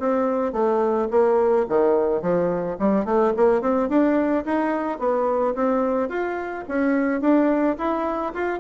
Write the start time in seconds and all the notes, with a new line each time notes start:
0.00 C4
0.53 A3
1.11 A#3
1.69 D#3
2.22 F3
2.79 G3
3.05 A3
3.37 A#3
3.62 C4
3.89 D4
4.45 D#4
4.99 B3
5.55 C4
6.09 F4
6.68 C#4
7.21 D4
7.78 E4
8.34 F4